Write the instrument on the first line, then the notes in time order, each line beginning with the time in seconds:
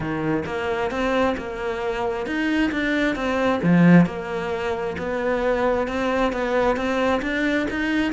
cello
0.00 D#3
0.45 A#3
0.90 C4
1.37 A#3
2.26 D#4
2.71 D4
3.15 C4
3.63 F3
4.06 A#3
4.98 B3
5.87 C4
6.32 B3
6.76 C4
7.22 D4
7.70 D#4